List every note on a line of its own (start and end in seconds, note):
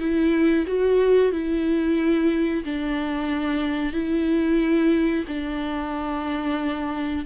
0.00 0.66 E4
0.67 1.33 F#4
1.33 2.65 E4
2.65 3.94 D4
3.94 5.25 E4
5.28 7.26 D4